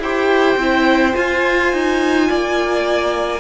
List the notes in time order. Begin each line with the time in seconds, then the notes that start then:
0.00 E4 G4 C5 G5
0.57 C4 E4
1.13 F4 G#5
1.73 D#4
2.30 A#3 D5